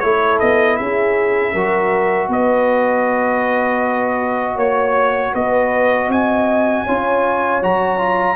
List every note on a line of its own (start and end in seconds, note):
0.00 0.41 A3
0.00 1.55 E4
0.00 0.79 A4
0.00 0.38 C#5
0.40 0.80 B3
0.40 0.77 D#5
0.77 1.55 C#4
0.77 1.52 G#4
0.77 2.29 E5
1.52 2.28 F#3
1.52 6.88 F#4
1.52 2.28 A#4
2.28 4.56 B3
2.28 4.55 B4
2.28 4.58 D#5
4.55 5.32 A#3
4.55 5.31 C#5
4.55 5.34 C#5
5.33 6.08 B3
5.33 6.09 B4
5.33 6.11 D#5
6.08 6.84 C4
6.08 6.84 D#5
6.08 7.63 G#5
6.84 7.62 C#4
6.84 7.62 F4
6.84 8.36 C#5
7.62 8.36 F#3
7.62 7.98 F#4
7.62 8.36 A#5
7.98 8.36 F4